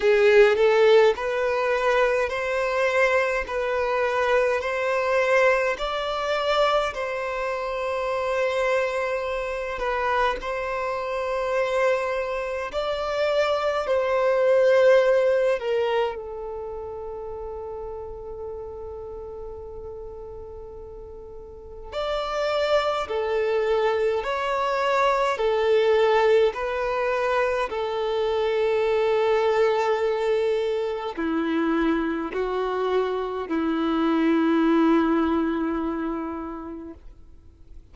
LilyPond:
\new Staff \with { instrumentName = "violin" } { \time 4/4 \tempo 4 = 52 gis'8 a'8 b'4 c''4 b'4 | c''4 d''4 c''2~ | c''8 b'8 c''2 d''4 | c''4. ais'8 a'2~ |
a'2. d''4 | a'4 cis''4 a'4 b'4 | a'2. e'4 | fis'4 e'2. | }